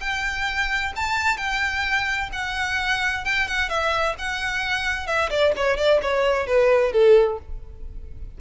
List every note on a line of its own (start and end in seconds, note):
0.00 0.92 G5
0.96 1.37 A5
1.37 2.29 G5
2.33 3.25 F#5
3.25 3.47 G5
3.47 3.69 F#5
3.69 4.15 E5
4.18 5.07 F#5
5.07 5.30 E5
5.30 5.53 D5
5.56 5.77 C#5
5.77 6.00 D5
6.02 6.47 C#5
6.47 6.92 B4
6.92 7.38 A4